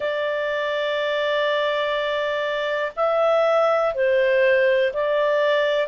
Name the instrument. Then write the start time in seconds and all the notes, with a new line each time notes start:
clarinet
0.00 D5
2.96 E5
3.94 C5
4.93 D5